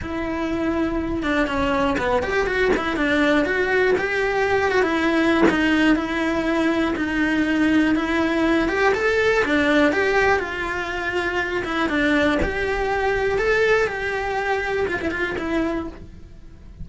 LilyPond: \new Staff \with { instrumentName = "cello" } { \time 4/4 \tempo 4 = 121 e'2~ e'8 d'8 cis'4 | b8 g'8 fis'8 e'8 d'4 fis'4 | g'4. fis'16 e'4~ e'16 dis'4 | e'2 dis'2 |
e'4. g'8 a'4 d'4 | g'4 f'2~ f'8 e'8 | d'4 g'2 a'4 | g'2 f'16 e'16 f'8 e'4 | }